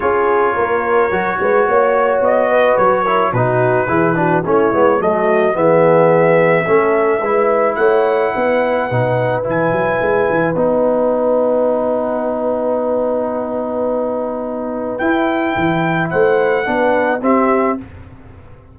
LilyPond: <<
  \new Staff \with { instrumentName = "trumpet" } { \time 4/4 \tempo 4 = 108 cis''1 | dis''4 cis''4 b'2 | cis''4 dis''4 e''2~ | e''2 fis''2~ |
fis''4 gis''2 fis''4~ | fis''1~ | fis''2. g''4~ | g''4 fis''2 e''4 | }
  \new Staff \with { instrumentName = "horn" } { \time 4/4 gis'4 ais'4. b'8 cis''4~ | cis''8 b'4 ais'8 fis'4 gis'8 fis'8 | e'4 fis'4 gis'2 | a'4 b'4 cis''4 b'4~ |
b'1~ | b'1~ | b'1~ | b'4 c''4 b'4 g'4 | }
  \new Staff \with { instrumentName = "trombone" } { \time 4/4 f'2 fis'2~ | fis'4. e'8 dis'4 e'8 d'8 | cis'8 b8 a4 b2 | cis'4 e'2. |
dis'4 e'2 dis'4~ | dis'1~ | dis'2. e'4~ | e'2 d'4 c'4 | }
  \new Staff \with { instrumentName = "tuba" } { \time 4/4 cis'4 ais4 fis8 gis8 ais4 | b4 fis4 b,4 e4 | a8 gis8 fis4 e2 | a4 gis4 a4 b4 |
b,4 e8 fis8 gis8 e8 b4~ | b1~ | b2. e'4 | e4 a4 b4 c'4 | }
>>